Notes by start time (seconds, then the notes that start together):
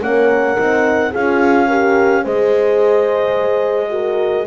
0.00 A#3 C#4 A#4 F#5
0.56 C4 D#4
1.11 C#4 F4 G#4 F5
1.67 G4 A#4
2.24 G#3 G#4 C5 D#5
3.89 F#4 A#4